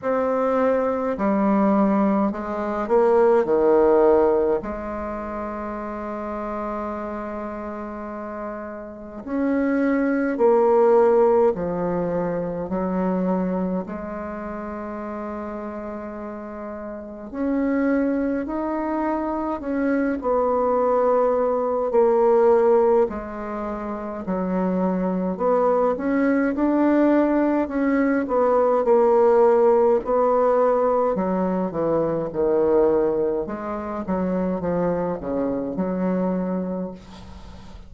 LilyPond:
\new Staff \with { instrumentName = "bassoon" } { \time 4/4 \tempo 4 = 52 c'4 g4 gis8 ais8 dis4 | gis1 | cis'4 ais4 f4 fis4 | gis2. cis'4 |
dis'4 cis'8 b4. ais4 | gis4 fis4 b8 cis'8 d'4 | cis'8 b8 ais4 b4 fis8 e8 | dis4 gis8 fis8 f8 cis8 fis4 | }